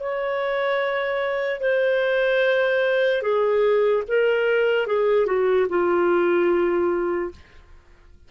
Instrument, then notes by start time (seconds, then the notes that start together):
clarinet
0.00 C#5
1.60 C5
3.22 G#4
4.08 A#4
4.87 G#4
5.26 F#4
5.69 F4